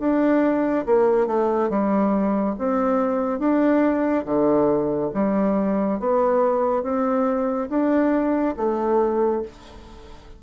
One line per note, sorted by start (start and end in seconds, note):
0.00 0.86 D4
0.86 1.27 A#3
1.27 1.70 A3
1.70 2.56 G3
2.59 3.40 C4
3.40 4.25 D4
4.25 5.11 D3
5.14 6.00 G3
6.00 6.83 B3
6.83 7.69 C4
7.70 8.56 D4
8.57 9.43 A3